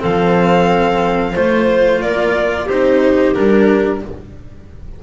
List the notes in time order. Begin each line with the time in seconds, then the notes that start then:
0.00 F3 C4 A4 F5
1.33 A3 F4 C5
2.02 A#3 A#4 D5
2.66 C4 G4 C5
2.72 D#4
3.34 G3 D4 A#4